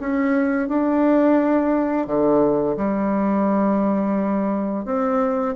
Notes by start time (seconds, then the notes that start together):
0.00 C#4
0.68 D4
2.06 D3
2.77 G3
4.85 C4